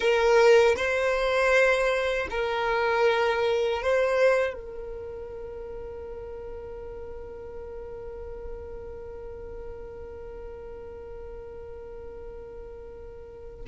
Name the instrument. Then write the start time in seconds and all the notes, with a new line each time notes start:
violin
0.00 A#4
0.76 C5
2.30 A#4
3.82 C5
4.53 A#4